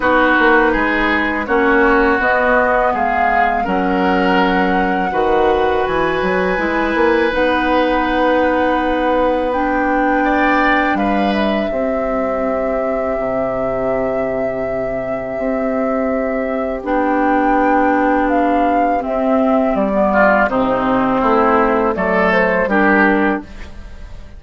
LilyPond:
<<
  \new Staff \with { instrumentName = "flute" } { \time 4/4 \tempo 4 = 82 b'2 cis''4 dis''4 | f''4 fis''2. | gis''2 fis''2~ | fis''4 g''2 f''8 e''8~ |
e''1~ | e''2. g''4~ | g''4 f''4 e''4 d''4 | c''2 d''8 c''8 ais'4 | }
  \new Staff \with { instrumentName = "oboe" } { \time 4/4 fis'4 gis'4 fis'2 | gis'4 ais'2 b'4~ | b'1~ | b'2 d''4 b'4 |
g'1~ | g'1~ | g'2.~ g'8 f'8 | dis'4 e'4 a'4 g'4 | }
  \new Staff \with { instrumentName = "clarinet" } { \time 4/4 dis'2 cis'4 b4~ | b4 cis'2 fis'4~ | fis'4 e'4 dis'2~ | dis'4 d'2. |
c'1~ | c'2. d'4~ | d'2 c'4~ c'16 b8. | c'2 a4 d'4 | }
  \new Staff \with { instrumentName = "bassoon" } { \time 4/4 b8 ais8 gis4 ais4 b4 | gis4 fis2 dis4 | e8 fis8 gis8 ais8 b2~ | b2. g4 |
c'2 c2~ | c4 c'2 b4~ | b2 c'4 g4 | c4 a4 fis4 g4 | }
>>